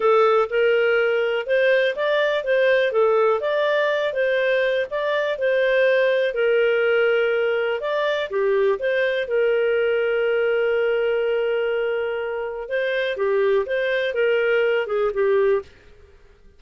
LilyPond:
\new Staff \with { instrumentName = "clarinet" } { \time 4/4 \tempo 4 = 123 a'4 ais'2 c''4 | d''4 c''4 a'4 d''4~ | d''8 c''4. d''4 c''4~ | c''4 ais'2. |
d''4 g'4 c''4 ais'4~ | ais'1~ | ais'2 c''4 g'4 | c''4 ais'4. gis'8 g'4 | }